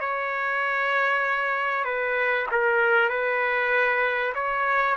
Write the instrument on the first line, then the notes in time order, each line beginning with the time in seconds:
trumpet
0.00 C#5
1.84 B4
2.51 A#4
3.09 B4
4.34 C#5